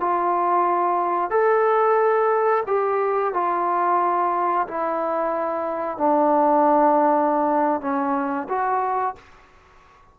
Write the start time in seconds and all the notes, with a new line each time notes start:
0.00 F4
1.30 A4
2.67 G4
3.34 F4
4.68 E4
5.98 D4
7.81 C#4
8.49 F#4